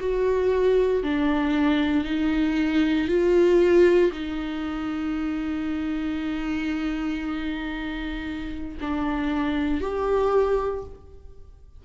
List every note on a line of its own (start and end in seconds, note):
0.00 1.03 F#4
1.03 2.05 D4
2.05 3.08 D#4
3.08 4.11 F4
4.12 8.78 D#4
8.81 9.81 D4
9.81 10.84 G4